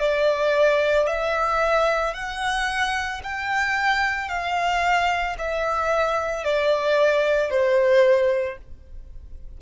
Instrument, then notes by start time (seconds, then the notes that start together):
violin
0.00 D5
1.07 E5
2.14 F#5
3.24 G5
4.29 F5
5.39 E5
6.44 D5
7.50 C5